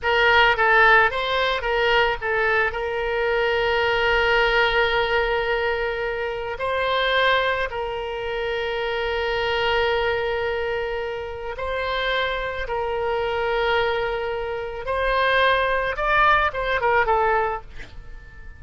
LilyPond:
\new Staff \with { instrumentName = "oboe" } { \time 4/4 \tempo 4 = 109 ais'4 a'4 c''4 ais'4 | a'4 ais'2.~ | ais'1 | c''2 ais'2~ |
ais'1~ | ais'4 c''2 ais'4~ | ais'2. c''4~ | c''4 d''4 c''8 ais'8 a'4 | }